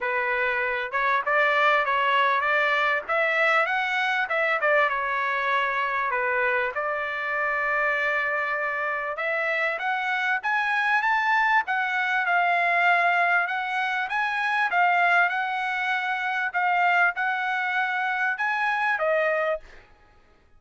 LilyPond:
\new Staff \with { instrumentName = "trumpet" } { \time 4/4 \tempo 4 = 98 b'4. cis''8 d''4 cis''4 | d''4 e''4 fis''4 e''8 d''8 | cis''2 b'4 d''4~ | d''2. e''4 |
fis''4 gis''4 a''4 fis''4 | f''2 fis''4 gis''4 | f''4 fis''2 f''4 | fis''2 gis''4 dis''4 | }